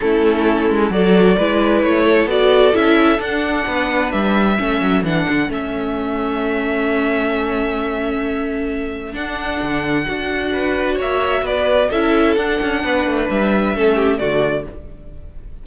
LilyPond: <<
  \new Staff \with { instrumentName = "violin" } { \time 4/4 \tempo 4 = 131 a'2 d''2 | cis''4 d''4 e''4 fis''4~ | fis''4 e''2 fis''4 | e''1~ |
e''1 | fis''1 | e''4 d''4 e''4 fis''4~ | fis''4 e''2 d''4 | }
  \new Staff \with { instrumentName = "violin" } { \time 4/4 e'2 a'4 b'4~ | b'8 a'2.~ a'8 | b'2 a'2~ | a'1~ |
a'1~ | a'2. b'4 | cis''4 b'4 a'2 | b'2 a'8 g'8 fis'4 | }
  \new Staff \with { instrumentName = "viola" } { \time 4/4 cis'2 fis'4 e'4~ | e'4 fis'4 e'4 d'4~ | d'2 cis'4 d'4 | cis'1~ |
cis'1 | d'2 fis'2~ | fis'2 e'4 d'4~ | d'2 cis'4 a4 | }
  \new Staff \with { instrumentName = "cello" } { \time 4/4 a4. gis8 fis4 gis4 | a4 b4 cis'4 d'4 | b4 g4 a8 fis8 e8 d8 | a1~ |
a1 | d'4 d4 d'2 | ais4 b4 cis'4 d'8 cis'8 | b8 a8 g4 a4 d4 | }
>>